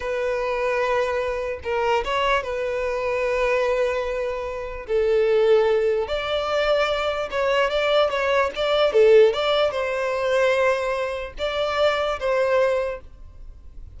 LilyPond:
\new Staff \with { instrumentName = "violin" } { \time 4/4 \tempo 4 = 148 b'1 | ais'4 cis''4 b'2~ | b'1 | a'2. d''4~ |
d''2 cis''4 d''4 | cis''4 d''4 a'4 d''4 | c''1 | d''2 c''2 | }